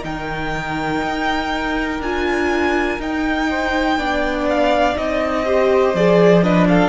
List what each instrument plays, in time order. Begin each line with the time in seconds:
0.00 cello D#3, viola D#4, violin A#4 G5
1.02 cello D#4
1.99 cello D4, viola F4, violin G#5
2.98 cello D#4, viola D#4, violin G5
3.49 violin C5
3.97 cello B3, viola D4, violin D5
4.49 violin F5
4.94 cello C4, viola D#4, violin D#5
5.45 viola G4, violin C5
5.93 cello F3, viola G#4, violin D5
6.42 viola D4, violin B4 D#5
6.67 violin A4 F5